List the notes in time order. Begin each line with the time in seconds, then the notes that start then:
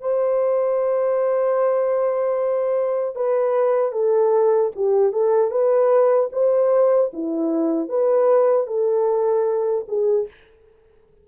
0.00 C5
3.15 B4
3.92 A4
4.75 G4
5.12 A4
5.50 B4
6.32 C5
7.13 E4
7.88 B4
8.66 A4
9.88 G#4